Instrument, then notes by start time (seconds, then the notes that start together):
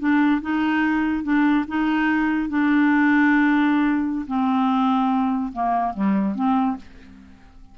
clarinet
0.00 D4
0.42 D#4
1.24 D4
1.68 D#4
2.49 D4
4.28 C4
5.53 A#3
5.94 G3
6.36 C4